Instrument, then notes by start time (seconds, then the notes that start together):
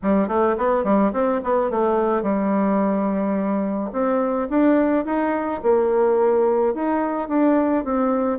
bassoon
0.02 G3
0.28 A3
0.57 B3
0.84 G3
1.12 C4
1.43 B3
1.70 A3
2.22 G3
3.92 C4
4.49 D4
5.05 D#4
5.62 A#3
6.74 D#4
7.28 D4
7.84 C4